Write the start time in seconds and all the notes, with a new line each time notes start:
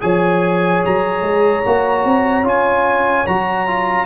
0.00 F3 G#4 C#5 G#5
0.85 F#3 A#5
1.21 G#3
1.65 A#3 F#4
2.04 C4
2.43 C#4 F4 G#5
3.26 F#3 F#4 A#5
3.67 F4